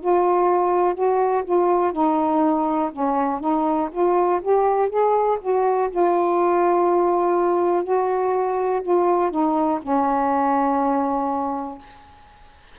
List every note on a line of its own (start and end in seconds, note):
0.00 0.94 F4
0.94 1.44 F#4
1.44 1.92 F4
1.92 2.90 D#4
2.92 3.39 C#4
3.39 3.89 D#4
3.91 4.40 F4
4.41 4.89 G4
4.89 5.38 G#4
5.41 5.90 F#4
5.90 7.83 F4
7.83 8.82 F#4
8.82 9.30 F4
9.30 9.80 D#4
9.81 11.78 C#4